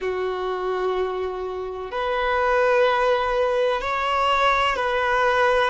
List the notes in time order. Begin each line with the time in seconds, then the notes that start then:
0.00 F#4
1.90 B4
3.81 C#5
4.76 B4